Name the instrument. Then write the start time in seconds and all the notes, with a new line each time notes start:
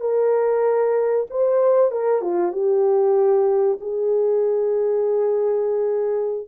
horn
0.00 A#4
1.30 C5
1.91 A#4
2.21 F4
2.52 G4
3.80 G#4